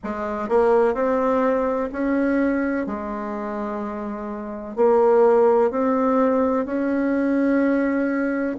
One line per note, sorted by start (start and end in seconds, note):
0.03 0.48 G#3
0.48 0.94 A#3
0.94 1.89 C4
1.92 2.86 C#4
2.86 4.76 G#3
4.76 5.71 A#3
5.71 6.65 C4
6.65 8.55 C#4